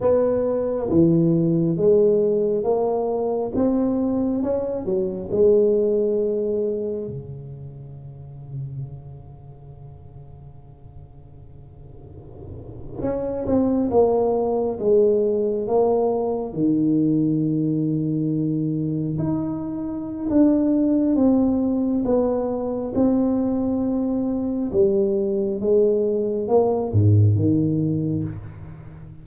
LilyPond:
\new Staff \with { instrumentName = "tuba" } { \time 4/4 \tempo 4 = 68 b4 e4 gis4 ais4 | c'4 cis'8 fis8 gis2 | cis1~ | cis2~ cis8. cis'8 c'8 ais16~ |
ais8. gis4 ais4 dis4~ dis16~ | dis4.~ dis16 dis'4~ dis'16 d'4 | c'4 b4 c'2 | g4 gis4 ais8 gis,8 dis4 | }